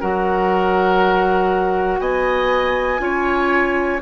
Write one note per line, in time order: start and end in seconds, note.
0.00 1.99 F#3
0.00 2.99 F#4
0.00 2.00 A#4
0.00 2.00 F#5
1.99 2.99 B3
1.99 3.01 D#5
1.99 4.00 G#5
2.99 3.99 C#4
2.99 3.99 F4
2.99 4.01 C#5